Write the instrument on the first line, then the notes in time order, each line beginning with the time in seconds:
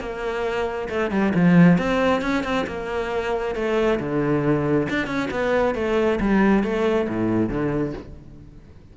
cello
0.00 A#3
0.89 A3
1.11 G3
1.35 F3
1.78 C4
2.22 C#4
2.43 C4
2.67 A#3
3.55 A3
4.00 D3
4.90 D4
5.07 C#4
5.31 B3
5.75 A3
6.20 G3
6.64 A3
7.09 A2
7.49 D3